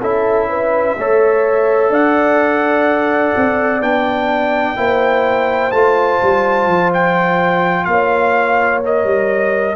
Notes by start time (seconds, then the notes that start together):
0.00 C#4 E4 A4 E5
0.49 B4
0.97 A3 A4 C#5
1.89 D4 D5 F#5
3.36 C4
3.81 B3 D4 G5
4.76 A#3 E4 C5
5.71 A3 F4 A5
6.22 G3
6.66 F3
6.94 G5
7.84 A#3 C#5 F5
8.83 A#4 D#5
9.04 G3